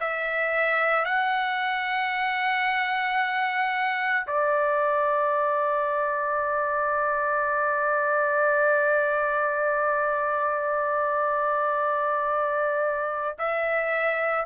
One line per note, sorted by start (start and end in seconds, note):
0.00 1.05 E5
1.05 4.27 F#5
4.27 13.38 D5
13.38 14.45 E5